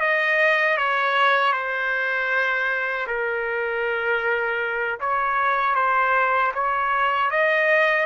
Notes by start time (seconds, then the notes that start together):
0.00 D#5
0.77 C#5
1.52 C5
3.07 A#4
5.00 C#5
5.75 C5
6.54 C#5
7.30 D#5